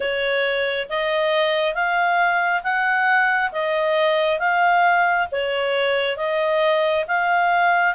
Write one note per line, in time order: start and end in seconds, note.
0.00 0.88 C#5
0.89 1.74 D#5
1.74 2.62 F5
2.63 3.51 F#5
3.51 4.39 D#5
4.39 5.27 F5
5.31 6.16 C#5
6.16 7.05 D#5
7.07 7.94 F5